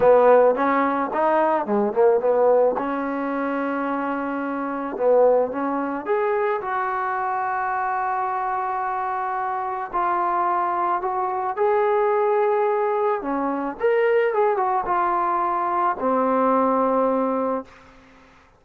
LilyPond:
\new Staff \with { instrumentName = "trombone" } { \time 4/4 \tempo 4 = 109 b4 cis'4 dis'4 gis8 ais8 | b4 cis'2.~ | cis'4 b4 cis'4 gis'4 | fis'1~ |
fis'2 f'2 | fis'4 gis'2. | cis'4 ais'4 gis'8 fis'8 f'4~ | f'4 c'2. | }